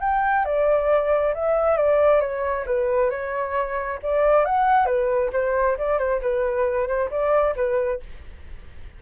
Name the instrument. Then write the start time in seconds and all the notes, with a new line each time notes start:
flute
0.00 G5
0.45 D5
1.34 E5
1.77 D5
2.20 C#5
2.66 B4
3.10 C#5
4.02 D5
4.44 F#5
4.85 B4
5.32 C5
5.77 D5
5.98 C5
6.21 B4
6.87 C5
7.10 D5
7.55 B4